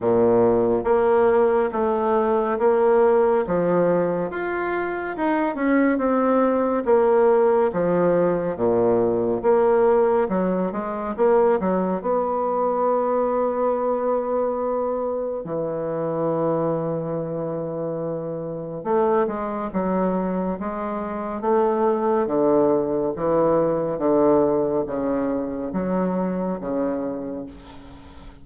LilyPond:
\new Staff \with { instrumentName = "bassoon" } { \time 4/4 \tempo 4 = 70 ais,4 ais4 a4 ais4 | f4 f'4 dis'8 cis'8 c'4 | ais4 f4 ais,4 ais4 | fis8 gis8 ais8 fis8 b2~ |
b2 e2~ | e2 a8 gis8 fis4 | gis4 a4 d4 e4 | d4 cis4 fis4 cis4 | }